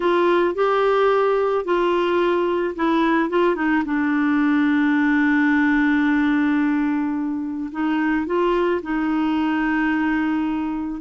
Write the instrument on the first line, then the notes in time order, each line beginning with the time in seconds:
clarinet
0.00 F4
0.55 G4
1.64 F4
2.75 E4
3.29 F4
3.55 D#4
3.85 D4
7.71 D#4
8.26 F4
8.82 D#4